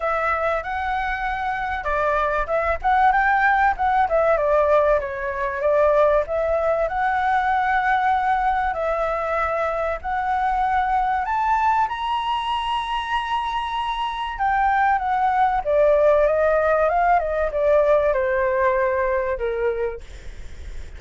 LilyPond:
\new Staff \with { instrumentName = "flute" } { \time 4/4 \tempo 4 = 96 e''4 fis''2 d''4 | e''8 fis''8 g''4 fis''8 e''8 d''4 | cis''4 d''4 e''4 fis''4~ | fis''2 e''2 |
fis''2 a''4 ais''4~ | ais''2. g''4 | fis''4 d''4 dis''4 f''8 dis''8 | d''4 c''2 ais'4 | }